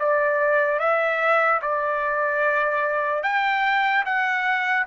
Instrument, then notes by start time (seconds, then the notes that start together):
trumpet
0.00 D5
0.80 E5
1.62 D5
3.24 G5
4.06 F#5